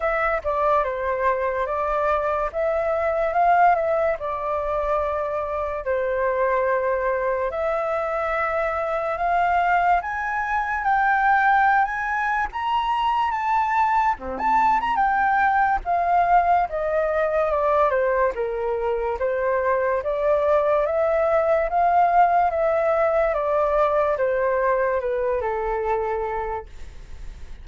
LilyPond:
\new Staff \with { instrumentName = "flute" } { \time 4/4 \tempo 4 = 72 e''8 d''8 c''4 d''4 e''4 | f''8 e''8 d''2 c''4~ | c''4 e''2 f''4 | gis''4 g''4~ g''16 gis''8. ais''4 |
a''4 c'16 a''8 ais''16 g''4 f''4 | dis''4 d''8 c''8 ais'4 c''4 | d''4 e''4 f''4 e''4 | d''4 c''4 b'8 a'4. | }